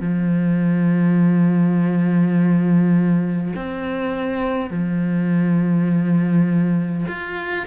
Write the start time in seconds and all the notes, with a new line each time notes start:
0.00 F3
3.56 C4
4.70 F3
7.08 F4